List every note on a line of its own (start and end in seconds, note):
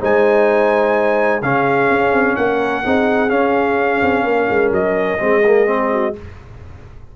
0.00 1.42 G#3
0.00 1.42 D#4
0.00 1.42 C5
0.00 1.42 G#5
1.42 1.89 C#3
1.42 2.84 C#4
1.42 2.38 G#4
1.42 2.36 F5
1.90 2.12 C#4
2.12 2.36 C4
2.36 2.84 A#3
2.36 2.83 A#4
2.36 3.30 F#5
2.83 3.30 C4
2.83 3.29 D#4
2.83 4.25 G#4
3.29 5.18 C#4
3.29 4.01 C#4
3.29 4.71 F5
4.02 4.24 C4
4.24 4.47 A#3
4.24 5.22 A#4
4.50 4.71 G#3
4.71 5.19 F#3
4.71 6.15 D#5
5.18 6.15 G#3
5.18 5.42 C4
5.18 5.92 G#4
5.46 5.66 A#3
5.66 6.13 C4
5.92 6.16 F#4